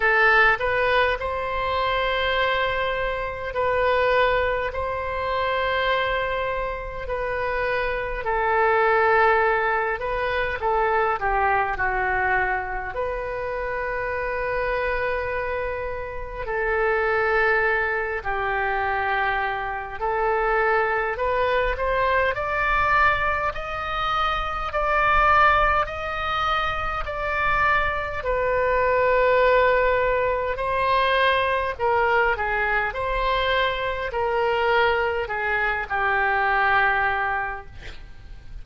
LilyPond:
\new Staff \with { instrumentName = "oboe" } { \time 4/4 \tempo 4 = 51 a'8 b'8 c''2 b'4 | c''2 b'4 a'4~ | a'8 b'8 a'8 g'8 fis'4 b'4~ | b'2 a'4. g'8~ |
g'4 a'4 b'8 c''8 d''4 | dis''4 d''4 dis''4 d''4 | b'2 c''4 ais'8 gis'8 | c''4 ais'4 gis'8 g'4. | }